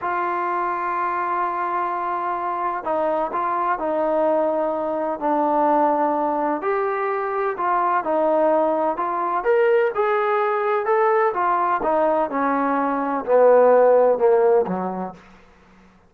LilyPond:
\new Staff \with { instrumentName = "trombone" } { \time 4/4 \tempo 4 = 127 f'1~ | f'2 dis'4 f'4 | dis'2. d'4~ | d'2 g'2 |
f'4 dis'2 f'4 | ais'4 gis'2 a'4 | f'4 dis'4 cis'2 | b2 ais4 fis4 | }